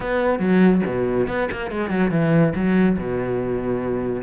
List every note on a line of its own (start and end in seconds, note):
0.00 0.39 B3
0.39 0.81 F#3
0.85 1.27 B2
1.27 1.48 B3
1.51 1.70 A#3
1.70 1.90 G#3
1.90 2.10 F#3
2.10 2.53 E3
2.55 2.97 F#3
2.98 4.23 B2